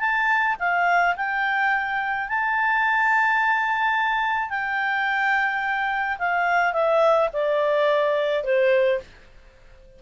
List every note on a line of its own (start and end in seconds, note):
0.00 0.56 A5
0.60 1.16 F5
1.16 2.29 G5
2.29 4.50 A5
4.50 6.18 G5
6.19 6.73 F5
6.73 7.29 E5
7.33 8.44 D5
8.44 9.00 C5